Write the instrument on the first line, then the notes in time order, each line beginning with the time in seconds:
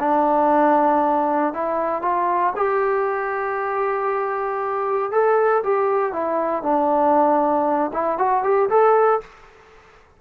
trombone
0.00 D4
1.54 E4
2.02 F4
2.57 G4
5.12 A4
5.64 G4
6.13 E4
6.63 D4
7.93 E4
8.18 F#4
8.44 G4
8.69 A4